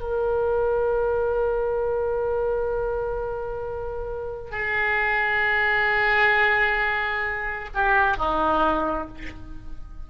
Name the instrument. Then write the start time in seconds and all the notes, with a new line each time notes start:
oboe
0.00 A#4
4.51 G#4
7.74 G4
8.17 D#4